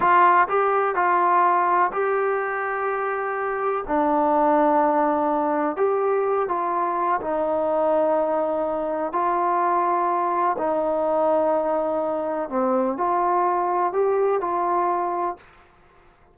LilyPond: \new Staff \with { instrumentName = "trombone" } { \time 4/4 \tempo 4 = 125 f'4 g'4 f'2 | g'1 | d'1 | g'4. f'4. dis'4~ |
dis'2. f'4~ | f'2 dis'2~ | dis'2 c'4 f'4~ | f'4 g'4 f'2 | }